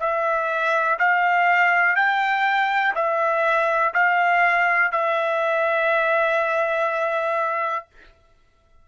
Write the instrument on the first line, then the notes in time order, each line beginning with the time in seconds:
trumpet
0.00 E5
0.99 F5
1.96 G5
2.96 E5
3.94 F5
4.92 E5